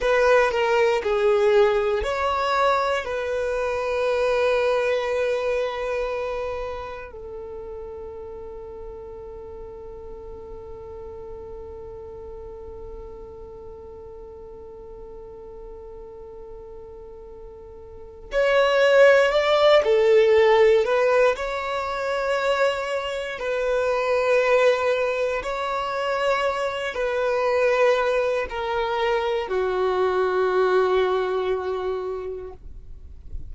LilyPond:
\new Staff \with { instrumentName = "violin" } { \time 4/4 \tempo 4 = 59 b'8 ais'8 gis'4 cis''4 b'4~ | b'2. a'4~ | a'1~ | a'1~ |
a'2 cis''4 d''8 a'8~ | a'8 b'8 cis''2 b'4~ | b'4 cis''4. b'4. | ais'4 fis'2. | }